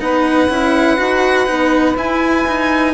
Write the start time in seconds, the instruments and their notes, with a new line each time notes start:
0.00 bassoon B3, cello D#4, saxophone B4, violin F#5
0.49 bassoon C#4, cello E4
0.97 bassoon D#4, cello F#4
1.46 bassoon B3, cello D#4
1.97 bassoon E4, cello E4, violin G#5
2.47 cello D#4